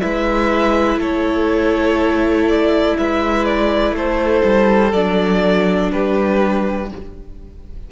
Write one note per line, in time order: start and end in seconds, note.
0.00 0.96 G#3
0.00 4.92 E4
0.00 1.00 B4
0.00 0.98 E5
0.96 2.93 A3
0.96 2.97 A4
0.96 2.48 C#5
2.48 2.97 D5
2.97 3.92 G#3
2.97 3.95 B4
2.97 3.45 E5
3.45 3.94 D5
3.92 4.41 A3
3.92 5.92 A4
3.92 4.93 C5
4.44 4.93 G3
4.93 5.91 F#3
4.93 6.91 D4
4.93 5.91 D5
5.92 6.91 G3
5.92 6.90 G4
5.92 6.90 B4